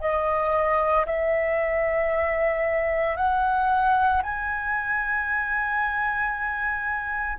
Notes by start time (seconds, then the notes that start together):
0.00 D#5
1.06 E5
3.16 F#5
4.22 G#5